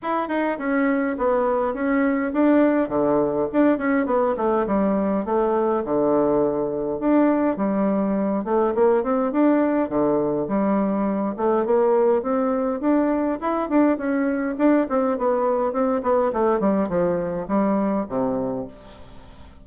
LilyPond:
\new Staff \with { instrumentName = "bassoon" } { \time 4/4 \tempo 4 = 103 e'8 dis'8 cis'4 b4 cis'4 | d'4 d4 d'8 cis'8 b8 a8 | g4 a4 d2 | d'4 g4. a8 ais8 c'8 |
d'4 d4 g4. a8 | ais4 c'4 d'4 e'8 d'8 | cis'4 d'8 c'8 b4 c'8 b8 | a8 g8 f4 g4 c4 | }